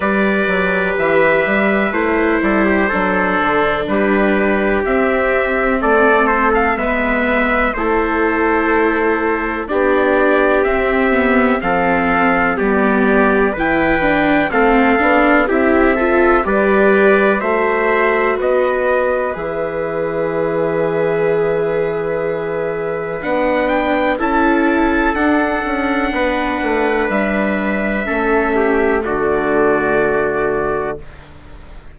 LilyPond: <<
  \new Staff \with { instrumentName = "trumpet" } { \time 4/4 \tempo 4 = 62 d''4 e''4 c''2 | b'4 e''4 d''8 c''16 f''16 e''4 | c''2 d''4 e''4 | f''4 d''4 g''4 f''4 |
e''4 d''4 e''4 dis''4 | e''1 | fis''8 g''8 a''4 fis''2 | e''2 d''2 | }
  \new Staff \with { instrumentName = "trumpet" } { \time 4/4 b'2~ b'8 a'16 g'16 a'4 | g'2 a'4 b'4 | a'2 g'2 | a'4 g'4 b'4 a'4 |
g'8 a'8 b'4 c''4 b'4~ | b'1~ | b'4 a'2 b'4~ | b'4 a'8 g'8 fis'2 | }
  \new Staff \with { instrumentName = "viola" } { \time 4/4 g'2 e'4 d'4~ | d'4 c'2 b4 | e'2 d'4 c'8 b8 | c'4 b4 e'8 d'8 c'8 d'8 |
e'8 f'8 g'4 fis'2 | gis'1 | d'4 e'4 d'2~ | d'4 cis'4 a2 | }
  \new Staff \with { instrumentName = "bassoon" } { \time 4/4 g8 fis8 e8 g8 a8 g8 fis8 d8 | g4 c'4 a4 gis4 | a2 b4 c'4 | f4 g4 e4 a8 b8 |
c'4 g4 a4 b4 | e1 | b4 cis'4 d'8 cis'8 b8 a8 | g4 a4 d2 | }
>>